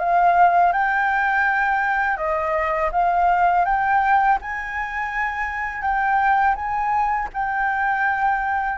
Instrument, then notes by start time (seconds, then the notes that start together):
flute
0.00 F5
0.73 G5
2.18 D#5
2.92 F5
3.66 G5
4.42 G#5
5.82 G5
6.56 G#5
7.34 G5